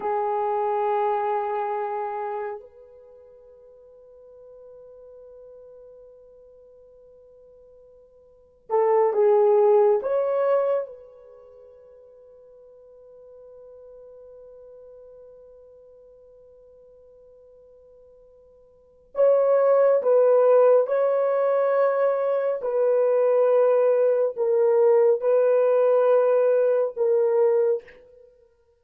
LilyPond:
\new Staff \with { instrumentName = "horn" } { \time 4/4 \tempo 4 = 69 gis'2. b'4~ | b'1~ | b'2 a'8 gis'4 cis''8~ | cis''8 b'2.~ b'8~ |
b'1~ | b'2 cis''4 b'4 | cis''2 b'2 | ais'4 b'2 ais'4 | }